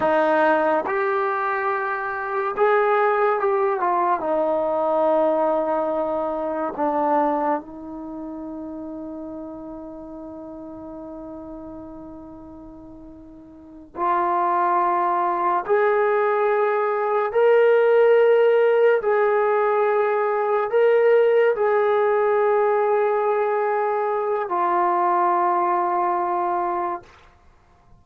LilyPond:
\new Staff \with { instrumentName = "trombone" } { \time 4/4 \tempo 4 = 71 dis'4 g'2 gis'4 | g'8 f'8 dis'2. | d'4 dis'2.~ | dis'1~ |
dis'8 f'2 gis'4.~ | gis'8 ais'2 gis'4.~ | gis'8 ais'4 gis'2~ gis'8~ | gis'4 f'2. | }